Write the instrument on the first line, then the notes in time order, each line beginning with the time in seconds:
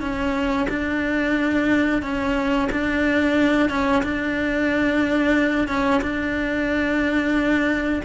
cello
0.00 C#4
0.69 D4
2.02 C#4
2.72 D4
3.69 C#4
4.02 D4
5.67 C#4
6.01 D4